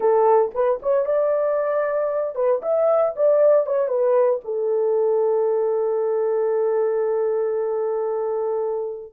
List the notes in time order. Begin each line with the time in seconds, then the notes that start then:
0.00 A4
0.54 B4
0.82 C#5
1.05 D5
2.35 B4
2.62 E5
3.15 D5
3.66 C#5
3.88 B4
4.44 A4